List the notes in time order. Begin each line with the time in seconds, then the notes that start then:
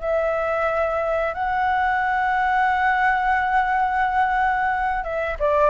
0.00 E5
1.34 F#5
5.04 E5
5.40 D5